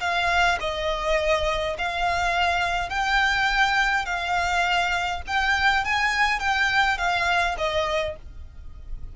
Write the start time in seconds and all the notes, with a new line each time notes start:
0.00 F5
0.60 D#5
1.78 F5
2.89 G5
4.05 F5
5.27 G5
5.84 G#5
6.39 G5
6.98 F5
7.58 D#5